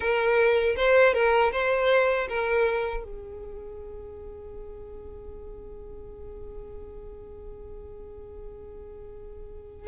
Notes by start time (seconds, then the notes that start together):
0.00 A#4
0.76 C5
1.13 A#4
1.52 C5
2.28 A#4
3.03 G#4